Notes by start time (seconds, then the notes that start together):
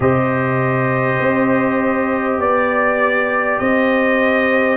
0.00 C3 G4 C5 D#5
1.20 C4
2.38 B3 D5
3.58 C4 C5 D#5